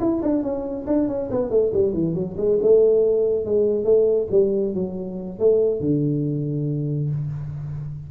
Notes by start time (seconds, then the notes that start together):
0.00 E4
0.22 D4
0.43 C#4
0.87 D4
1.08 C#4
1.31 B3
1.50 A3
1.73 G3
1.93 E3
2.14 F#3
2.37 G#3
2.62 A3
3.45 G#3
3.84 A3
4.31 G3
4.74 F#3
5.39 A3
5.81 D3